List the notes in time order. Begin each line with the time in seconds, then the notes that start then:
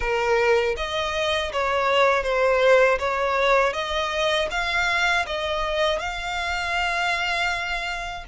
0.00 A#4
0.76 D#5
1.52 C#5
2.23 C5
2.98 C#5
3.73 D#5
4.50 F5
5.26 D#5
5.99 F5